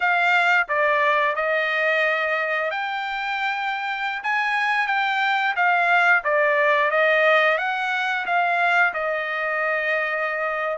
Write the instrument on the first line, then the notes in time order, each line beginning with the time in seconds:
trumpet
0.00 F5
0.68 D5
1.35 D#5
2.71 G5
4.23 G#5
4.87 G5
5.56 F5
6.24 D5
6.90 D#5
7.58 F#5
8.26 F5
8.93 D#5